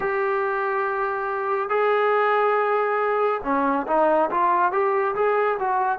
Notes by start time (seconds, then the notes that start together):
0.00 G4
1.69 G#4
3.43 C#4
3.86 D#4
4.30 F4
4.71 G4
5.15 G#4
5.59 F#4